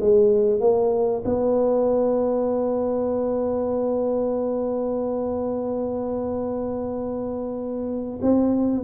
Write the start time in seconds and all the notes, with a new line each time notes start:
0.00 G#3
0.60 A#3
1.25 B3
8.21 C4